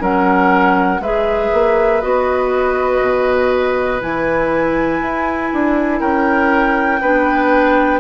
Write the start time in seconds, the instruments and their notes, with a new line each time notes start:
0.00 bassoon F#3, clarinet C#4, oboe A#4, flute F#5
1.00 bassoon G#3, clarinet G#4, oboe B4, flute E5
1.53 bassoon A#3
2.02 bassoon B3, clarinet F#4, flute D#5
3.02 bassoon B2
4.01 bassoon E3, clarinet E4, flute G#5
5.02 bassoon E4
5.53 bassoon D4
6.00 bassoon C#4, oboe A#4, flute G5
7.02 bassoon B3, clarinet D4, oboe B4